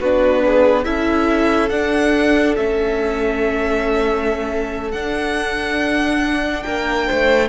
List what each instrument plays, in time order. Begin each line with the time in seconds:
0.00 cello B3, viola D4, violin F#4 B4
0.46 violin G#4
0.84 cello C#4, viola E4, violin A4 E5
1.69 cello D4, viola D4, violin F#5
2.56 cello A3, viola C#4, violin E5
4.92 cello D4, viola D4, violin F#5
6.63 cello A#3, violin A#4 G5
7.07 cello A3, violin C5